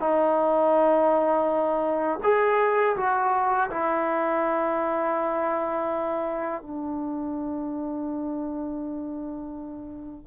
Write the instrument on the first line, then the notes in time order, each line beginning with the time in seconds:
trombone
0.00 D#4
2.24 G#4
2.97 F#4
3.70 E4
6.62 D4